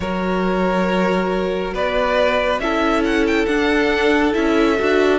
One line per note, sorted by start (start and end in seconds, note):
0.00 1.73 F#3
0.00 2.62 F#4
0.00 1.74 A#4
0.00 1.74 C#5
1.73 2.59 B3
1.73 2.61 B4
1.73 2.59 D5
2.59 3.46 C#4
2.59 3.47 E4
2.59 5.19 A4
2.59 3.03 E5
3.04 3.26 F#5
3.26 3.46 G5
3.46 4.32 D4
3.46 4.34 D4
3.46 4.33 F#5
4.32 4.79 C#4
4.32 4.76 E4
4.32 5.19 E5
4.79 5.19 D4
4.79 5.19 F#4